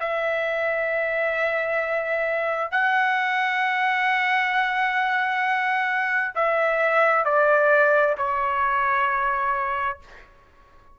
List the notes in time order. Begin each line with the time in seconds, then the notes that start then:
0.00 E5
2.71 F#5
6.35 E5
7.25 D5
8.18 C#5